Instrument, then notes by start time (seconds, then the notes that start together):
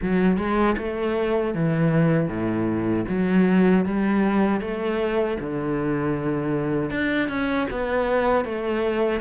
cello
0.01 F#3
0.37 G#3
0.77 A3
1.54 E3
2.28 A2
3.08 F#3
3.85 G3
4.60 A3
5.40 D3
6.90 D4
7.29 C#4
7.70 B3
8.44 A3